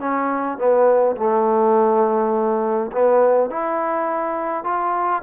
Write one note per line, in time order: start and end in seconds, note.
0.00 0.58 C#4
0.58 1.17 B3
1.17 2.92 A3
2.93 3.50 B3
3.50 4.64 E4
4.64 5.23 F4